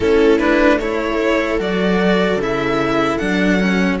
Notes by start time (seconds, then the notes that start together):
0.00 A3 C#4 E4 A4
0.38 D4 B4
0.79 E4 A4 C#5
1.58 F#3 F#4 D5
2.36 C#3 E4
2.42 E5
3.17 F#3 D4 F#5
3.59 C#4